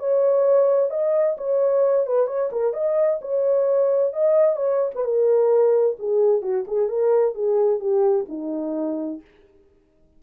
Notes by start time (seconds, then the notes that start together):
0.00 C#5
0.91 D#5
1.38 C#5
2.07 B4
2.27 C#5
2.52 A#4
2.74 D#5
3.22 C#5
4.13 D#5
4.57 C#5
4.96 B4
5.05 A#4
5.99 G#4
6.42 F#4
6.68 G#4
6.89 A#4
7.35 G#4
7.80 G4
8.29 D#4